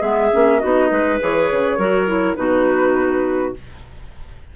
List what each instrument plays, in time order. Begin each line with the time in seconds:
0.00 bassoon G#3, clarinet B3 G#4, flute E5
0.32 bassoon A#3, clarinet C#4
0.60 bassoon B3, clarinet D#4 F#4, flute D#5
0.90 bassoon G#3, clarinet B4
1.20 bassoon E3, clarinet G#4, flute C#5
1.52 bassoon C#3
1.78 bassoon F#3, clarinet F#4 A#4
2.07 clarinet E4
2.36 bassoon B2, clarinet D#4 F#4, flute B4